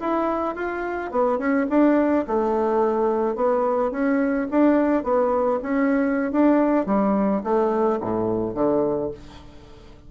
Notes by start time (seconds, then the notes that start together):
0.00 E4
0.55 F4
1.11 B3
1.38 C#4
1.70 D4
2.27 A3
3.36 B3
3.91 C#4
4.51 D4
5.04 B3
5.63 C#4
6.32 D4
6.86 G3
7.44 A3
8.01 A2
8.55 D3